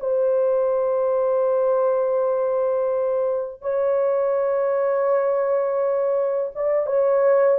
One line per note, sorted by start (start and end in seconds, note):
0.00 3.61 C5
3.61 6.51 C#5
6.55 6.86 D5
6.86 7.58 C#5